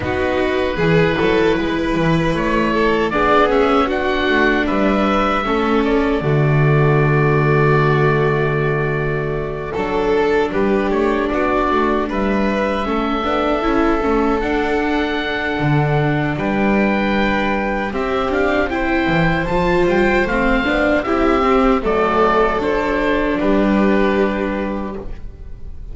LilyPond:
<<
  \new Staff \with { instrumentName = "oboe" } { \time 4/4 \tempo 4 = 77 b'2. cis''4 | d''8 e''8 fis''4 e''4. d''8~ | d''1~ | d''8 a'4 b'8 cis''8 d''4 e''8~ |
e''2~ e''8 fis''4.~ | fis''4 g''2 e''8 f''8 | g''4 a''8 g''8 f''4 e''4 | d''4 c''4 b'2 | }
  \new Staff \with { instrumentName = "violin" } { \time 4/4 fis'4 gis'8 a'8 b'4. a'8 | gis'4 fis'4 b'4 a'4 | fis'1~ | fis'8 a'4 g'4 fis'4 b'8~ |
b'8 a'2.~ a'8~ | a'4 b'2 g'4 | c''2. g'4 | a'2 g'2 | }
  \new Staff \with { instrumentName = "viola" } { \time 4/4 dis'4 e'2. | d'8 cis'8 d'2 cis'4 | a1~ | a8 d'2.~ d'8~ |
d'8 cis'8 d'8 e'8 cis'8 d'4.~ | d'2. c'8 d'8 | e'4 f'4 c'8 d'8 e'8 c'8 | a4 d'2. | }
  \new Staff \with { instrumentName = "double bass" } { \time 4/4 b4 e8 fis8 gis8 e8 a4 | b4. a8 g4 a4 | d1~ | d8 fis4 g8 a8 b8 a8 g8~ |
g8 a8 b8 cis'8 a8 d'4. | d4 g2 c'4~ | c'8 e8 f8 g8 a8 b8 c'4 | fis2 g2 | }
>>